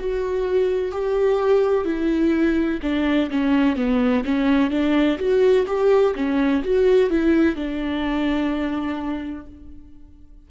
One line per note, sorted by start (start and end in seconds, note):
0.00 0.92 F#4
0.92 1.85 G4
1.85 2.81 E4
2.83 3.31 D4
3.31 3.77 C#4
3.77 4.24 B3
4.25 4.71 C#4
4.71 5.19 D4
5.19 5.66 F#4
5.68 6.15 G4
6.16 6.63 C#4
6.64 7.10 F#4
7.10 7.56 E4
7.56 9.47 D4